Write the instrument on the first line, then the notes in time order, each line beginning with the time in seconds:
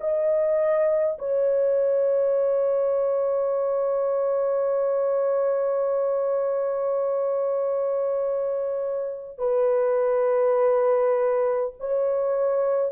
horn
0.00 D#5
1.18 C#5
9.38 B4
11.80 C#5